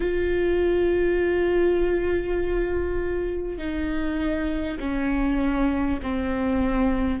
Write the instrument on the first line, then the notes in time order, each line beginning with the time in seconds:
viola
0.00 F4
3.58 D#4
4.79 C#4
6.02 C4